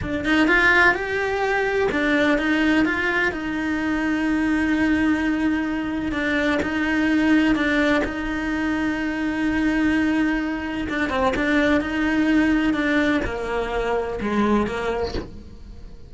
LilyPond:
\new Staff \with { instrumentName = "cello" } { \time 4/4 \tempo 4 = 127 d'8 dis'8 f'4 g'2 | d'4 dis'4 f'4 dis'4~ | dis'1~ | dis'4 d'4 dis'2 |
d'4 dis'2.~ | dis'2. d'8 c'8 | d'4 dis'2 d'4 | ais2 gis4 ais4 | }